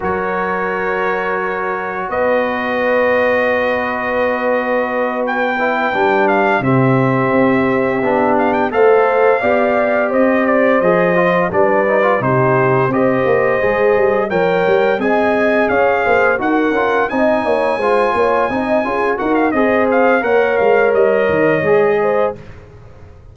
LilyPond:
<<
  \new Staff \with { instrumentName = "trumpet" } { \time 4/4 \tempo 4 = 86 cis''2. dis''4~ | dis''2.~ dis''8 g''8~ | g''4 f''8 e''2~ e''8 | f''16 g''16 f''2 dis''8 d''8 dis''8~ |
dis''8 d''4 c''4 dis''4.~ | dis''8 g''4 gis''4 f''4 fis''8~ | fis''8 gis''2. fis''16 f''16 | dis''8 f''8 fis''8 f''8 dis''2 | }
  \new Staff \with { instrumentName = "horn" } { \time 4/4 ais'2. b'4~ | b'1~ | b'4. g'2~ g'8~ | g'8 c''4 d''4 c''4.~ |
c''8 b'4 g'4 c''4.~ | c''8 cis''4 dis''4 cis''8 c''8 ais'8~ | ais'8 dis''8 cis''8 c''8 cis''8 dis''8 gis'8 ais'8 | c''4 cis''2~ cis''8 c''8 | }
  \new Staff \with { instrumentName = "trombone" } { \time 4/4 fis'1~ | fis'1 | e'8 d'4 c'2 d'8~ | d'8 a'4 g'2 gis'8 |
f'8 d'8 dis'16 f'16 dis'4 g'4 gis'8~ | gis'8 ais'4 gis'2 fis'8 | f'8 dis'4 f'4 dis'8 f'8 fis'8 | gis'4 ais'2 gis'4 | }
  \new Staff \with { instrumentName = "tuba" } { \time 4/4 fis2. b4~ | b1~ | b8 g4 c4 c'4 b8~ | b8 a4 b4 c'4 f8~ |
f8 g4 c4 c'8 ais8 gis8 | g8 f8 g8 c'4 cis'8 ais8 dis'8 | cis'8 c'8 ais8 gis8 ais8 c'8 cis'8 dis'8 | c'4 ais8 gis8 g8 dis8 gis4 | }
>>